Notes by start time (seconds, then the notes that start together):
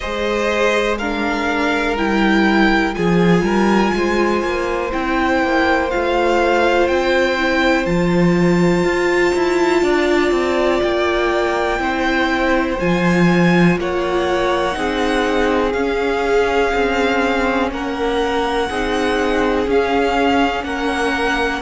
0.00 G#3 G#4 C5 D#5
0.98 D4 A#4 F5
1.97 G3 E4 G5
2.93 F3 F4 G#4 G#5
3.42 G3 A#4
3.93 G#3 C5
4.43 A#3
4.91 C4 E4 G5
5.42 A#3
5.90 A3 F4 F5
6.87 C4 G5
7.37 E4
7.85 F3 F4 A5
8.83 F4
9.35 E4
9.82 D4 D5
10.31 C4
10.82 A#3 G5
11.78 C4 E4 C5
12.79 F3 F4 G#5
13.77 A#3 C#5 F#5
14.71 C4 D#4 G#4
15.72 C#4 F5
16.73 C4
17.71 A#3 A#4 F#5
18.68 C4 D#4 G#4
19.67 C#4 F5
20.63 A#3 A#4 F#5